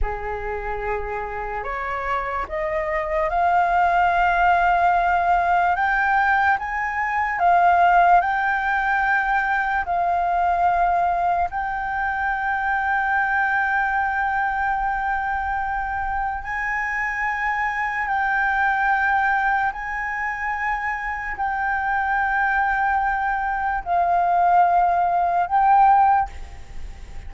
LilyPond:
\new Staff \with { instrumentName = "flute" } { \time 4/4 \tempo 4 = 73 gis'2 cis''4 dis''4 | f''2. g''4 | gis''4 f''4 g''2 | f''2 g''2~ |
g''1 | gis''2 g''2 | gis''2 g''2~ | g''4 f''2 g''4 | }